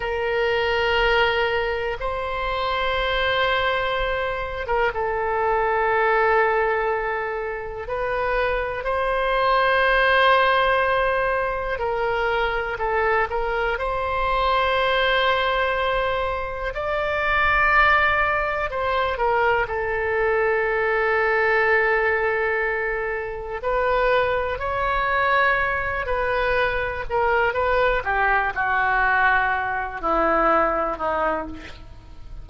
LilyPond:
\new Staff \with { instrumentName = "oboe" } { \time 4/4 \tempo 4 = 61 ais'2 c''2~ | c''8. ais'16 a'2. | b'4 c''2. | ais'4 a'8 ais'8 c''2~ |
c''4 d''2 c''8 ais'8 | a'1 | b'4 cis''4. b'4 ais'8 | b'8 g'8 fis'4. e'4 dis'8 | }